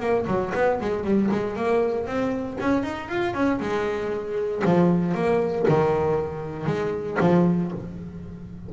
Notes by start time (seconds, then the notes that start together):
0.00 A#3
0.27 F#3
0.55 B3
0.81 G#3
1.04 G3
1.31 G#3
1.56 A#3
2.06 C4
2.61 C#4
2.83 D#4
3.09 F4
3.34 C#4
3.60 G#3
4.65 F3
5.15 A#3
5.69 D#3
6.66 G#3
7.21 F3